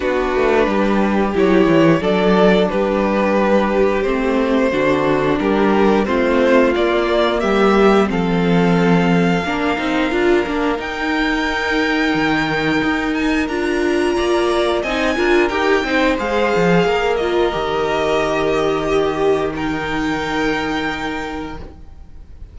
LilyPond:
<<
  \new Staff \with { instrumentName = "violin" } { \time 4/4 \tempo 4 = 89 b'2 cis''4 d''4 | b'2 c''2 | ais'4 c''4 d''4 e''4 | f''1 |
g''2.~ g''8 gis''8 | ais''2 gis''4 g''4 | f''4. dis''2~ dis''8~ | dis''4 g''2. | }
  \new Staff \with { instrumentName = "violin" } { \time 4/4 fis'4 g'2 a'4 | g'2. fis'4 | g'4 f'2 g'4 | a'2 ais'2~ |
ais'1~ | ais'4 d''4 dis''8 ais'4 c''8~ | c''4 ais'2. | g'4 ais'2. | }
  \new Staff \with { instrumentName = "viola" } { \time 4/4 d'2 e'4 d'4~ | d'2 c'4 d'4~ | d'4 c'4 ais2 | c'2 d'8 dis'8 f'8 d'8 |
dis'1 | f'2 dis'8 f'8 g'8 dis'8 | gis'4. f'8 g'2~ | g'4 dis'2. | }
  \new Staff \with { instrumentName = "cello" } { \time 4/4 b8 a8 g4 fis8 e8 fis4 | g2 a4 d4 | g4 a4 ais4 g4 | f2 ais8 c'8 d'8 ais8 |
dis'2 dis4 dis'4 | d'4 ais4 c'8 d'8 dis'8 c'8 | gis8 f8 ais4 dis2~ | dis1 | }
>>